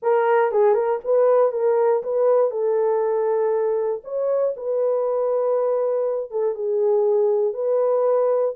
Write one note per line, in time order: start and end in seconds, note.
0.02 0.51 A#4
0.51 0.74 G#4
0.74 0.99 A#4
1.04 1.52 B4
1.52 2.02 A#4
2.03 2.50 B4
2.50 4.02 A4
4.04 4.54 C#5
4.56 6.30 B4
6.30 6.54 A4
6.54 7.53 G#4
7.53 8.54 B4